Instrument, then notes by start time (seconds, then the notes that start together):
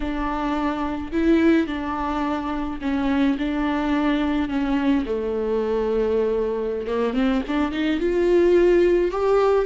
viola
0.00 D4
1.12 E4
1.67 D4
2.81 C#4
3.38 D4
4.49 C#4
5.05 A3
6.87 A#3
7.13 C4
7.47 D4
7.71 D#4
8.00 F4
9.11 G4